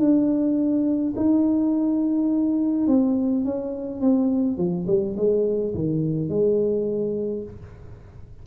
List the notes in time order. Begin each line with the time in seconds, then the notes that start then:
0.00 D4
1.17 D#4
2.88 C4
3.45 C#4
4.01 C4
4.58 F3
4.87 G3
5.17 G#3
5.75 D#3
6.29 G#3